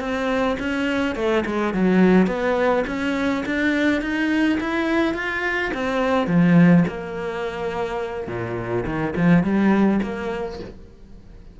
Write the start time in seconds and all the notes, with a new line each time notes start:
0.00 C4
0.59 C#4
1.15 A3
1.46 G#3
1.74 F#3
2.27 B3
2.87 C#4
3.46 D4
4.01 D#4
4.60 E4
5.14 F4
5.74 C4
6.27 F3
6.88 A#3
8.27 A#2
8.86 D#3
9.16 F3
9.43 G3
10.02 A#3